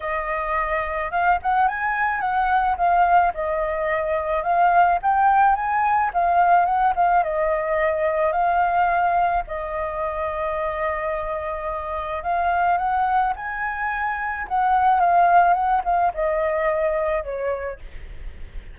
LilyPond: \new Staff \with { instrumentName = "flute" } { \time 4/4 \tempo 4 = 108 dis''2 f''8 fis''8 gis''4 | fis''4 f''4 dis''2 | f''4 g''4 gis''4 f''4 | fis''8 f''8 dis''2 f''4~ |
f''4 dis''2.~ | dis''2 f''4 fis''4 | gis''2 fis''4 f''4 | fis''8 f''8 dis''2 cis''4 | }